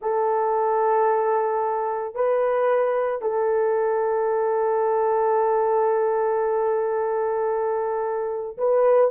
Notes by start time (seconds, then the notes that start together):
0.01 A4
2.15 B4
3.21 A4
8.57 B4